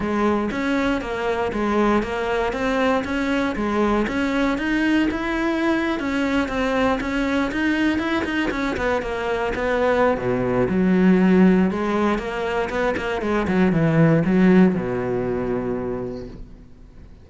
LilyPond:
\new Staff \with { instrumentName = "cello" } { \time 4/4 \tempo 4 = 118 gis4 cis'4 ais4 gis4 | ais4 c'4 cis'4 gis4 | cis'4 dis'4 e'4.~ e'16 cis'16~ | cis'8. c'4 cis'4 dis'4 e'16~ |
e'16 dis'8 cis'8 b8 ais4 b4~ b16 | b,4 fis2 gis4 | ais4 b8 ais8 gis8 fis8 e4 | fis4 b,2. | }